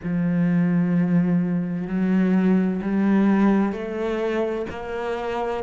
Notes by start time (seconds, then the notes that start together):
0.03 F3
1.87 F#3
2.81 G3
3.72 A3
4.70 A#3